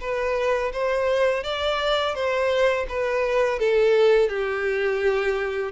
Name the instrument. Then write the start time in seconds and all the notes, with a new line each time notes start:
violin
0.00 B4
0.72 C5
1.43 D5
2.14 C5
2.89 B4
3.59 A4
4.28 G4